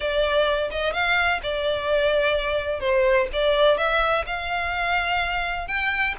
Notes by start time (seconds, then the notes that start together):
0.00 D5
0.70 D#5
0.93 F5
1.42 D5
2.80 C5
3.32 D5
3.77 E5
4.26 F5
5.67 G5